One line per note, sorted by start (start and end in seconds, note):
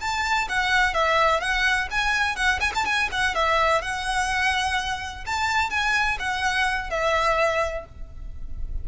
0.00 0.48 A5
0.48 0.94 F#5
0.94 1.40 E5
1.40 1.88 F#5
1.91 2.35 G#5
2.35 2.59 F#5
2.60 2.72 G#5
2.74 2.85 A5
2.85 3.09 G#5
3.11 3.35 F#5
3.35 3.81 E5
3.81 5.24 F#5
5.26 5.70 A5
5.70 6.18 G#5
6.19 6.90 F#5
6.90 7.85 E5